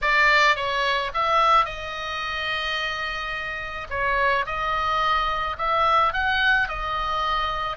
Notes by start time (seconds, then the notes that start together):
0.01 D5
0.56 C#5
1.14 E5
1.65 D#5
3.89 C#5
4.45 D#5
5.58 E5
6.13 F#5
6.68 D#5